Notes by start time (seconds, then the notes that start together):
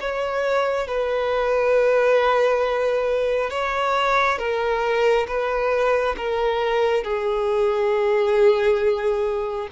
0.00 C#5
0.87 B4
3.50 C#5
4.38 A#4
5.27 B4
6.17 A#4
7.04 G#4